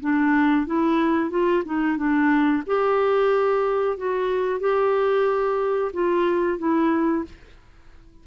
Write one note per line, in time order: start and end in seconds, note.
0.00 0.66 D4
0.66 1.30 E4
1.30 1.63 F4
1.65 1.97 D#4
1.97 2.63 D4
2.66 3.97 G4
3.97 4.59 F#4
4.59 5.91 G4
5.93 6.58 F4
6.58 7.24 E4